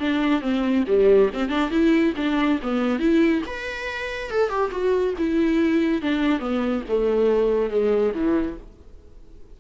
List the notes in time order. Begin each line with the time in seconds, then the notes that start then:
0.00 D4
0.42 C4
0.88 G3
1.34 C4
1.49 D4
1.71 E4
2.17 D4
2.63 B3
3.00 E4
3.47 B4
4.31 A4
4.50 G4
4.72 F#4
5.18 E4
6.02 D4
6.40 B3
6.89 A3
7.70 G#3
8.15 E3